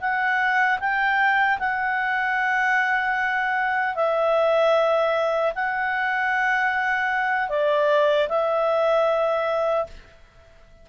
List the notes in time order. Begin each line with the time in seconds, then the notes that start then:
0.00 F#5
0.80 G5
1.59 F#5
3.95 E5
5.55 F#5
7.49 D5
8.29 E5